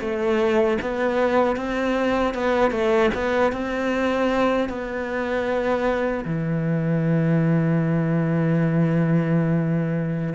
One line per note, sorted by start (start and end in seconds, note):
0.00 0.78 A3
0.81 1.57 B3
1.57 2.34 C4
2.34 2.71 B3
2.71 3.10 A3
3.15 3.52 B3
3.52 4.69 C4
4.69 6.25 B3
6.25 10.34 E3